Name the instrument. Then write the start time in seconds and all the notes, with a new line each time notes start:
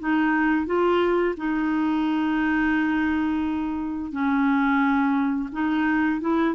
clarinet
0.00 D#4
0.66 F4
1.37 D#4
4.12 C#4
5.52 D#4
6.21 E4